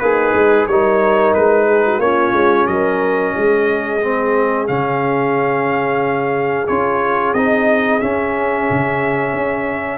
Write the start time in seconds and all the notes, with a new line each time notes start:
0.00 A#3 D#4 G#4 B4
0.34 G#3
0.67 G3 D#4 A#4 C#5
1.34 G#3 B4
1.67 G#4
1.87 F#4
1.99 A#3 C#4 F4 C#5
2.33 G#3
2.67 F#3 A#4 D#5
3.37 G#3 G#4
4.02 C4
4.68 C#3 C#4 F5
6.67 C#4 F4 C#5
7.34 C4 D#4 D#5
8.00 C#4 E5
8.71 C#3
9.33 C#4